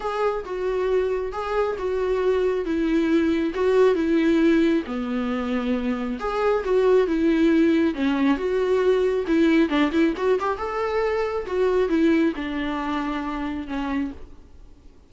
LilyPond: \new Staff \with { instrumentName = "viola" } { \time 4/4 \tempo 4 = 136 gis'4 fis'2 gis'4 | fis'2 e'2 | fis'4 e'2 b4~ | b2 gis'4 fis'4 |
e'2 cis'4 fis'4~ | fis'4 e'4 d'8 e'8 fis'8 g'8 | a'2 fis'4 e'4 | d'2. cis'4 | }